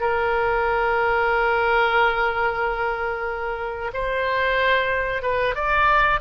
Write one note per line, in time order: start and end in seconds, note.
0.00 3.91 A#4
3.93 5.22 C5
5.22 5.55 B4
5.55 6.20 D5